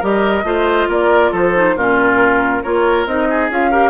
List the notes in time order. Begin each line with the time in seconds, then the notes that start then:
0.00 G3 G4 A#4 D#5
0.44 A3 F4 C5
0.89 A#3 A#4 D5
1.32 F3 A4 C5
1.55 D#4
1.76 A#2 C#4 F4 A#4
2.63 A#3 F4 A#4 C#5
3.07 C4 D#4 D#5
3.30 G#4
3.50 C#4 F4 F5
3.71 G4 A#4